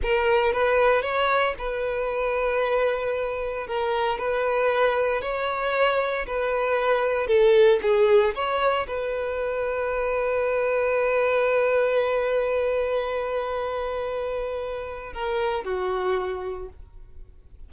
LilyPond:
\new Staff \with { instrumentName = "violin" } { \time 4/4 \tempo 4 = 115 ais'4 b'4 cis''4 b'4~ | b'2. ais'4 | b'2 cis''2 | b'2 a'4 gis'4 |
cis''4 b'2.~ | b'1~ | b'1~ | b'4 ais'4 fis'2 | }